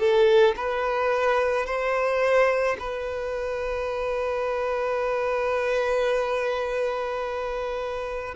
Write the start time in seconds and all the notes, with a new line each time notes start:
0.00 A4
0.57 B4
1.66 C5
2.80 B4